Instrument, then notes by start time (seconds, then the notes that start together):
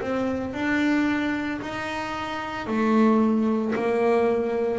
double bass
0.00 C4
0.53 D4
1.61 D#4
2.66 A3
3.75 A#3